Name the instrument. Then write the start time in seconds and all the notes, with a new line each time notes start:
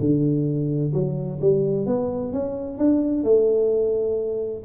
tuba
0.00 D3
0.94 F#3
1.41 G3
1.87 B3
2.33 C#4
2.78 D4
3.24 A3